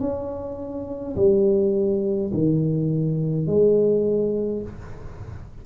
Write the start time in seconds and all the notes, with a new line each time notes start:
0.00 C#4
1.16 G3
2.33 D#3
3.47 G#3